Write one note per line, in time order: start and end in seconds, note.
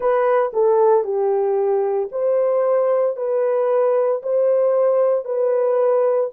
0.00 0.51 B4
0.53 1.03 A4
1.03 2.09 G4
2.11 3.16 C5
3.16 4.21 B4
4.22 5.24 C5
5.24 6.30 B4